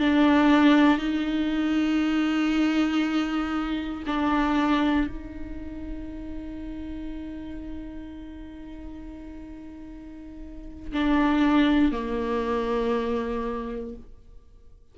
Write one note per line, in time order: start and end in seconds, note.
0.00 0.98 D4
0.98 4.04 D#4
4.07 5.08 D4
5.08 10.92 D#4
10.92 11.92 D4
11.92 13.96 A#3